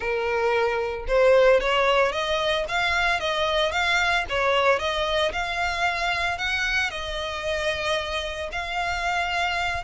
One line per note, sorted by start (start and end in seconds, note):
0.00 1.05 A#4
1.07 1.60 C5
1.60 2.12 C#5
2.12 2.65 D#5
2.68 3.20 F5
3.20 3.71 D#5
3.71 4.24 F5
4.29 4.79 C#5
4.79 5.32 D#5
5.32 6.38 F5
6.38 6.90 F#5
6.90 8.49 D#5
8.52 9.83 F5